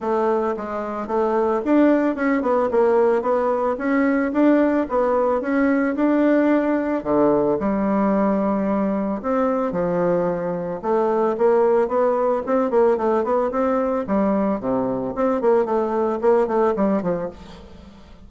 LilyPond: \new Staff \with { instrumentName = "bassoon" } { \time 4/4 \tempo 4 = 111 a4 gis4 a4 d'4 | cis'8 b8 ais4 b4 cis'4 | d'4 b4 cis'4 d'4~ | d'4 d4 g2~ |
g4 c'4 f2 | a4 ais4 b4 c'8 ais8 | a8 b8 c'4 g4 c4 | c'8 ais8 a4 ais8 a8 g8 f8 | }